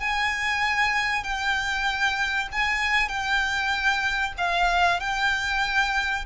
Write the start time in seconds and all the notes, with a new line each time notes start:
0.00 G#5
1.24 G5
2.52 G#5
3.09 G5
4.38 F5
5.00 G5